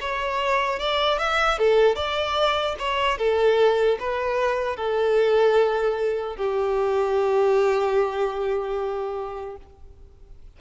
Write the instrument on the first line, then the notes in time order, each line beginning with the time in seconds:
violin
0.00 C#5
0.79 D5
1.18 E5
1.58 A4
1.95 D5
2.79 C#5
3.18 A4
4.00 B4
4.76 A4
6.36 G4